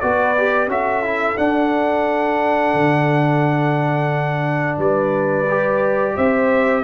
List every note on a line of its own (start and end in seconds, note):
0.00 0.67 B3
0.00 0.36 F#4
0.00 0.70 B4
0.00 0.68 D5
0.37 0.69 G4
0.67 1.36 C#4
0.67 1.03 F#4
0.67 4.78 A4
0.67 1.37 E5
1.03 1.37 E4
1.37 5.46 D4
1.37 2.74 D4
1.37 4.78 F#5
2.74 4.78 D3
4.78 6.14 G3
4.78 6.14 B4
4.78 6.16 D5
5.49 6.84 G4
6.15 6.84 C4
6.15 6.83 C5
6.15 6.84 E5